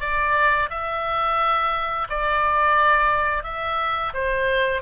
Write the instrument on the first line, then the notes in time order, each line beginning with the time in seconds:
oboe
0.00 D5
0.70 E5
2.09 D5
3.43 E5
4.14 C5